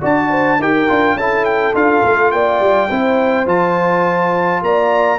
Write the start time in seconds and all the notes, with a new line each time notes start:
0.00 D4 F#4 D5 A5
0.29 C5
0.59 D#4 G4 A#4 G5
0.87 D4 F4
1.13 C#4 E4 A4 A5
1.45 G5
1.73 D4 F4 F5
2.03 A3
2.31 A#3 D5 G5
2.60 G3
2.90 C4 E4 C5
3.45 F3 F4 A5
4.61 A#3 D5 A#5